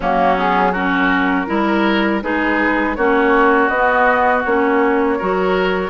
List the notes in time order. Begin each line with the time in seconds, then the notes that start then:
0.00 F#3 A#3 C#4 F#4
0.36 B3 G#4
0.72 C#4 F#4 A#4
1.46 G3 E4 A#4
2.22 G#3 D#4 G#4 B4
2.95 A#3 C#4 F#4 C#5
3.68 B3 D#5
4.44 A#3 C#4 C#5
5.18 F#3 F#4 A#4